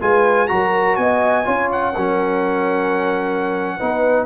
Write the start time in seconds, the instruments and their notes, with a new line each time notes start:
0.00 tuba G#3, trombone F4, horn B4, trumpet G#5
0.47 tuba F#3, trombone F#4, horn A#4, trumpet A#5
0.96 tuba B3, horn D#5, trumpet G#5
1.44 tuba C#4, trombone F4, horn C#5
1.72 trumpet F#5
1.93 tuba F#3, trombone C#4, horn A#4
3.77 tuba B3, trombone D#4, horn B4